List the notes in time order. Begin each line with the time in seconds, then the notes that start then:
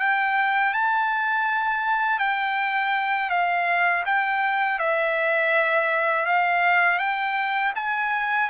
0.00 G5
0.74 A5
2.19 G5
3.30 F5
4.06 G5
4.79 E5
6.26 F5
6.99 G5
7.76 G#5